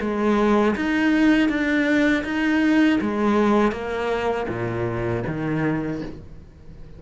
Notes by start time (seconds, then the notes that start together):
0.00 G#3
0.76 D#4
1.49 D4
2.24 D#4
3.01 G#3
3.72 A#3
4.48 A#2
5.27 D#3